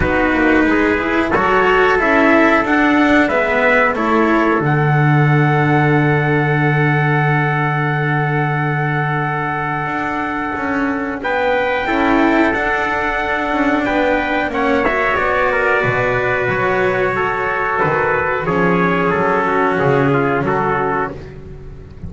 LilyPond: <<
  \new Staff \with { instrumentName = "trumpet" } { \time 4/4 \tempo 4 = 91 b'2 cis''4 e''4 | fis''4 e''4 cis''4 fis''4~ | fis''1~ | fis''1~ |
fis''4 g''2 fis''4~ | fis''4 g''4 fis''8 e''8 d''4~ | d''4 cis''2 b'4 | cis''4 a'4 gis'4 a'4 | }
  \new Staff \with { instrumentName = "trumpet" } { \time 4/4 fis'4 gis'4 a'2~ | a'4 b'4 a'2~ | a'1~ | a'1~ |
a'4 b'4 a'2~ | a'4 b'4 cis''4. ais'8 | b'2 a'2 | gis'4. fis'4 f'8 fis'4 | }
  \new Staff \with { instrumentName = "cello" } { \time 4/4 dis'4. e'8 fis'4 e'4 | d'4 b4 e'4 d'4~ | d'1~ | d'1~ |
d'2 e'4 d'4~ | d'2 cis'8 fis'4.~ | fis'1 | cis'1 | }
  \new Staff \with { instrumentName = "double bass" } { \time 4/4 b8 ais8 gis4 fis4 cis'4 | d'4 gis4 a4 d4~ | d1~ | d2. d'4 |
cis'4 b4 cis'4 d'4~ | d'8 cis'8 b4 ais4 b4 | b,4 fis2 dis4 | f4 fis4 cis4 fis4 | }
>>